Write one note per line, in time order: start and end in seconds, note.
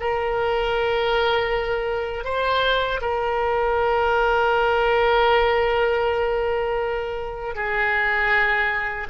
0.00 2.24 A#4
2.24 3.00 C5
3.01 7.55 A#4
7.55 9.07 G#4